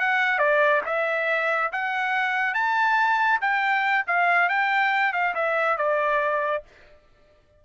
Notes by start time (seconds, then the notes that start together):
0.00 F#5
0.39 D5
0.86 E5
1.72 F#5
2.54 A5
3.41 G5
4.07 F5
4.49 G5
5.13 F5
5.35 E5
5.78 D5